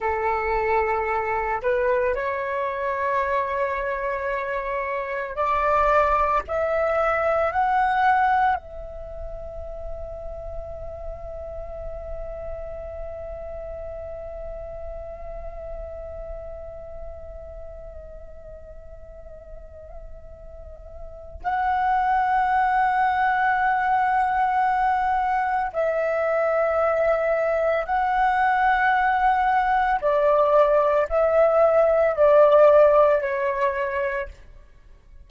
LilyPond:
\new Staff \with { instrumentName = "flute" } { \time 4/4 \tempo 4 = 56 a'4. b'8 cis''2~ | cis''4 d''4 e''4 fis''4 | e''1~ | e''1~ |
e''1 | fis''1 | e''2 fis''2 | d''4 e''4 d''4 cis''4 | }